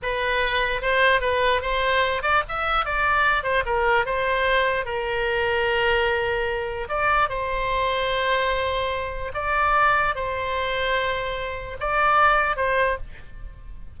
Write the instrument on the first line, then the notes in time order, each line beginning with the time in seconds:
oboe
0.02 B4
0.81 C5
1.21 B4
1.61 C5
2.22 D5
2.48 E5
2.85 D5
3.43 C5
3.65 A#4
4.05 C5
4.85 A#4
6.88 D5
7.29 C5
9.34 D5
10.15 C5
11.80 D5
12.56 C5